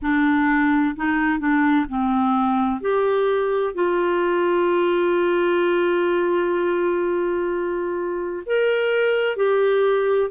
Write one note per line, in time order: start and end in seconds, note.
0.02 0.95 D4
0.96 1.39 D#4
1.39 1.86 D4
1.88 2.80 C4
2.80 3.74 G4
3.74 8.43 F4
8.46 9.36 A#4
9.36 10.30 G4